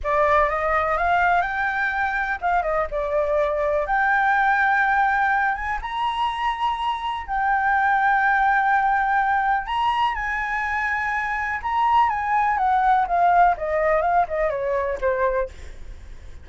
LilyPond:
\new Staff \with { instrumentName = "flute" } { \time 4/4 \tempo 4 = 124 d''4 dis''4 f''4 g''4~ | g''4 f''8 dis''8 d''2 | g''2.~ g''8 gis''8 | ais''2. g''4~ |
g''1 | ais''4 gis''2. | ais''4 gis''4 fis''4 f''4 | dis''4 f''8 dis''8 cis''4 c''4 | }